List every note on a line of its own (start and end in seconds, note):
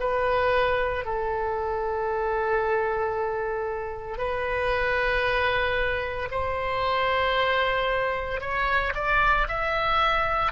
0.00 1.05 B4
1.05 4.18 A4
4.18 6.28 B4
6.31 8.41 C5
8.41 8.93 C#5
8.95 9.47 D5
9.48 10.52 E5